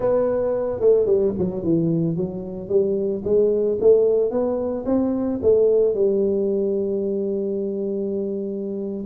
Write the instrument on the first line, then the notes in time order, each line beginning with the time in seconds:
tuba
0.00 B3
0.80 A3
1.06 G3
1.38 F#3
1.63 E3
2.16 F#3
2.68 G3
3.24 G#3
3.80 A3
4.30 B3
4.85 C4
5.42 A3
5.94 G3